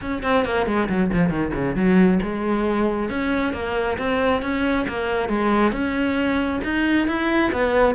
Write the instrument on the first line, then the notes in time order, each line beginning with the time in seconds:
cello
0.01 C#4
0.22 C4
0.45 A#3
0.66 G#3
0.88 F#3
1.13 F3
1.29 D#3
1.53 C#3
1.75 F#3
2.22 G#3
3.09 C#4
3.53 A#3
3.98 C4
4.42 C#4
4.88 A#3
5.28 G#3
5.72 C#4
6.64 D#4
7.07 E4
7.51 B3